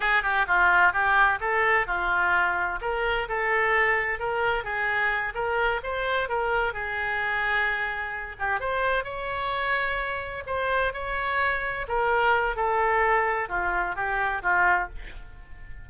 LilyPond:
\new Staff \with { instrumentName = "oboe" } { \time 4/4 \tempo 4 = 129 gis'8 g'8 f'4 g'4 a'4 | f'2 ais'4 a'4~ | a'4 ais'4 gis'4. ais'8~ | ais'8 c''4 ais'4 gis'4.~ |
gis'2 g'8 c''4 cis''8~ | cis''2~ cis''8 c''4 cis''8~ | cis''4. ais'4. a'4~ | a'4 f'4 g'4 f'4 | }